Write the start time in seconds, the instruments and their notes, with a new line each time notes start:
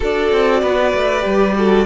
0.00 cello D4, viola F#4, violin A4 D5
0.32 cello C4
0.61 cello B3, violin B4
0.93 cello A3
1.20 cello G3, viola G4
1.55 viola F#4, violin A4